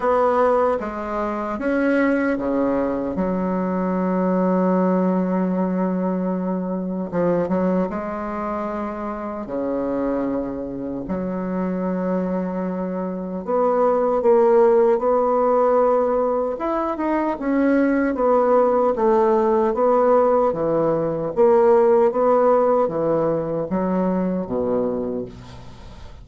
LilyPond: \new Staff \with { instrumentName = "bassoon" } { \time 4/4 \tempo 4 = 76 b4 gis4 cis'4 cis4 | fis1~ | fis4 f8 fis8 gis2 | cis2 fis2~ |
fis4 b4 ais4 b4~ | b4 e'8 dis'8 cis'4 b4 | a4 b4 e4 ais4 | b4 e4 fis4 b,4 | }